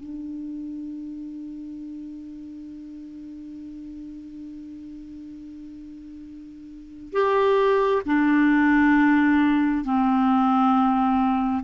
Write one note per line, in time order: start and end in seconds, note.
0.00 7.13 D4
7.13 8.02 G4
8.06 9.85 D4
9.85 11.64 C4